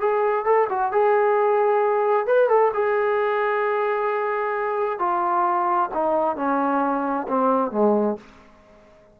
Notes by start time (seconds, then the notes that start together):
0.00 G#4
0.45 A4
0.69 F#4
0.92 G#4
2.26 B4
2.49 A4
2.74 G#4
4.99 F4
5.94 D#4
6.36 C#4
7.28 C4
7.71 G#3